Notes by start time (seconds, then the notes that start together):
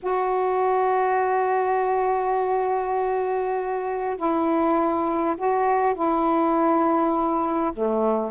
0.02 F#4
4.16 E4
5.37 F#4
5.94 E4
7.73 A3